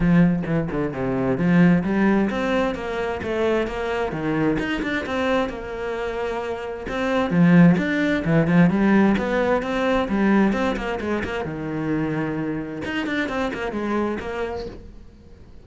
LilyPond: \new Staff \with { instrumentName = "cello" } { \time 4/4 \tempo 4 = 131 f4 e8 d8 c4 f4 | g4 c'4 ais4 a4 | ais4 dis4 dis'8 d'8 c'4 | ais2. c'4 |
f4 d'4 e8 f8 g4 | b4 c'4 g4 c'8 ais8 | gis8 ais8 dis2. | dis'8 d'8 c'8 ais8 gis4 ais4 | }